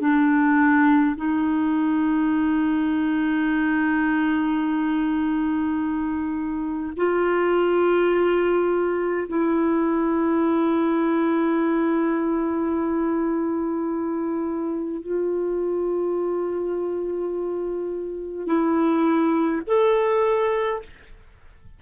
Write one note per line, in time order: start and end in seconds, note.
0.00 1.15 D4
1.16 6.93 D#4
6.97 9.27 F4
9.28 15.02 E4
15.02 18.46 F4
18.46 19.62 E4
19.67 20.82 A4